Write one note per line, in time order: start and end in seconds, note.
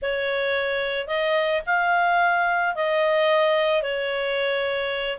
0.02 1.07 C#5
1.07 1.61 D#5
1.66 2.75 F5
2.75 3.82 D#5
3.82 5.18 C#5